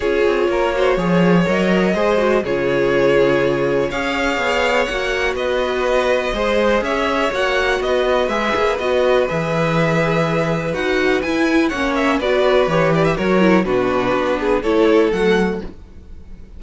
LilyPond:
<<
  \new Staff \with { instrumentName = "violin" } { \time 4/4 \tempo 4 = 123 cis''2. dis''4~ | dis''4 cis''2. | f''2 fis''4 dis''4~ | dis''2 e''4 fis''4 |
dis''4 e''4 dis''4 e''4~ | e''2 fis''4 gis''4 | fis''8 e''8 d''4 cis''8 d''16 e''16 cis''4 | b'2 cis''4 fis''4 | }
  \new Staff \with { instrumentName = "violin" } { \time 4/4 gis'4 ais'8 c''8 cis''2 | c''4 gis'2. | cis''2. b'4~ | b'4 c''4 cis''2 |
b'1~ | b'1 | cis''4 b'2 ais'4 | fis'4. gis'8 a'2 | }
  \new Staff \with { instrumentName = "viola" } { \time 4/4 f'4. fis'8 gis'4 ais'4 | gis'8 fis'8 f'2. | gis'2 fis'2~ | fis'4 gis'2 fis'4~ |
fis'4 gis'4 fis'4 gis'4~ | gis'2 fis'4 e'4 | cis'4 fis'4 g'4 fis'8 e'8 | d'2 e'4 a4 | }
  \new Staff \with { instrumentName = "cello" } { \time 4/4 cis'8 c'8 ais4 f4 fis4 | gis4 cis2. | cis'4 b4 ais4 b4~ | b4 gis4 cis'4 ais4 |
b4 gis8 ais8 b4 e4~ | e2 dis'4 e'4 | ais4 b4 e4 fis4 | b,4 b4 a4 fis4 | }
>>